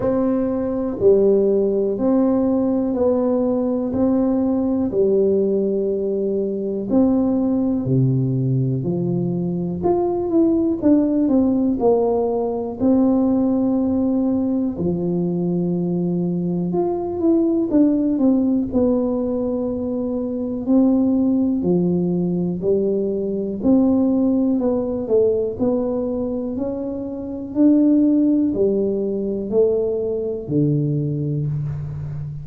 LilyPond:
\new Staff \with { instrumentName = "tuba" } { \time 4/4 \tempo 4 = 61 c'4 g4 c'4 b4 | c'4 g2 c'4 | c4 f4 f'8 e'8 d'8 c'8 | ais4 c'2 f4~ |
f4 f'8 e'8 d'8 c'8 b4~ | b4 c'4 f4 g4 | c'4 b8 a8 b4 cis'4 | d'4 g4 a4 d4 | }